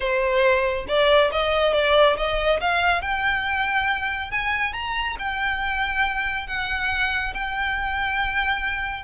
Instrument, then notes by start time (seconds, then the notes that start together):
violin
0.00 C5
0.88 D5
1.32 D#5
1.73 D5
2.16 D#5
2.60 F5
3.01 G5
4.31 G#5
4.73 A#5
5.18 G5
6.47 F#5
7.34 G5